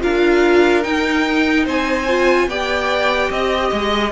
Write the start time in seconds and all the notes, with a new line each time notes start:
0.00 D4 F4 A#4 F5
0.82 D#4 G5
1.65 C4 C5 G#5
2.08 F4
2.48 B3 G4 D5 G5
3.30 C4 D#5
3.72 G#3